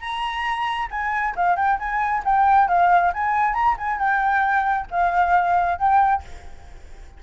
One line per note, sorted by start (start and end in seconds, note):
0.00 0.88 A#5
0.90 1.35 G#5
1.36 1.56 F5
1.56 1.78 G5
1.79 2.23 G#5
2.25 2.68 G5
2.68 3.12 F5
3.13 3.54 G#5
3.54 3.76 A#5
3.78 3.98 G#5
3.98 4.86 G5
4.91 5.79 F5
5.79 6.23 G5